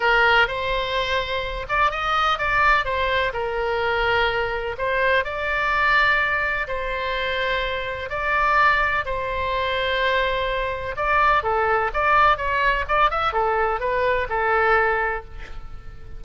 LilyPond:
\new Staff \with { instrumentName = "oboe" } { \time 4/4 \tempo 4 = 126 ais'4 c''2~ c''8 d''8 | dis''4 d''4 c''4 ais'4~ | ais'2 c''4 d''4~ | d''2 c''2~ |
c''4 d''2 c''4~ | c''2. d''4 | a'4 d''4 cis''4 d''8 e''8 | a'4 b'4 a'2 | }